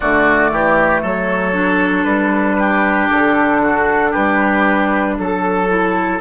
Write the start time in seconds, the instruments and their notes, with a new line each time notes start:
0.00 bassoon D3, clarinet A3, oboe F#4, flute D5
0.51 bassoon E3, oboe G4
1.01 bassoon F#3, oboe A4, flute C#5
1.53 clarinet D4
2.03 bassoon G3, flute B4
2.58 oboe G4
3.11 bassoon D3, flute A4
3.62 oboe F#4
4.11 bassoon G3, oboe G4, flute B4
5.18 bassoon F#3, flute A4, oboe A4
5.68 clarinet E4